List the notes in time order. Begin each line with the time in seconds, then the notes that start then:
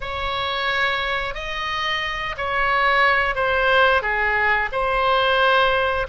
0.01 C#5
1.34 D#5
2.37 C#5
3.35 C5
4.01 G#4
4.72 C5